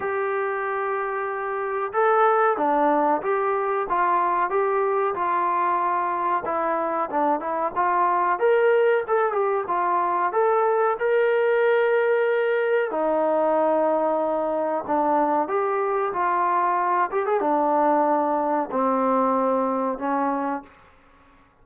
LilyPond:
\new Staff \with { instrumentName = "trombone" } { \time 4/4 \tempo 4 = 93 g'2. a'4 | d'4 g'4 f'4 g'4 | f'2 e'4 d'8 e'8 | f'4 ais'4 a'8 g'8 f'4 |
a'4 ais'2. | dis'2. d'4 | g'4 f'4. g'16 gis'16 d'4~ | d'4 c'2 cis'4 | }